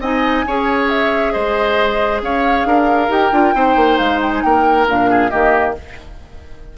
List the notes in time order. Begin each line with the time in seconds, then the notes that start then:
0.00 C4 D#4 D#5 G#5
0.47 C#4 G#4 C#5
0.89 E5
1.32 G#3 C5 D#5
2.21 C#4 C#5 F5
2.65 D4 A#4
3.09 D#4 G4 G5
3.32 D4 F4
3.54 C4 D#4 C5
3.76 A#3
3.98 G#3 F5
4.22 G5
4.35 G#5
4.42 A#3 A#4 G5
4.88 A#2 D4 F5
5.10 G#4
5.30 D#3 A#3 G4 D#5